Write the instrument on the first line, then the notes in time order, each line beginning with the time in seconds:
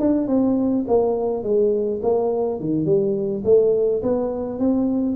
tuba
0.00 D4
0.28 C4
0.88 A#3
1.43 G#3
2.03 A#3
2.60 D#3
2.86 G3
3.45 A3
4.03 B3
4.60 C4